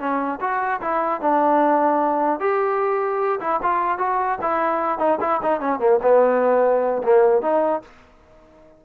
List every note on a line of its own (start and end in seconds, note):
0.00 0.40 C#4
0.41 0.81 F#4
0.81 1.21 E4
1.22 2.40 D4
2.40 3.40 G4
3.41 3.61 E4
3.63 3.99 F4
3.99 4.39 F#4
4.42 4.99 E4
4.99 5.19 D#4
5.21 5.41 E4
5.43 5.61 D#4
5.61 5.80 C#4
5.80 6.00 A#3
6.03 7.03 B3
7.04 7.42 A#3
7.42 7.82 D#4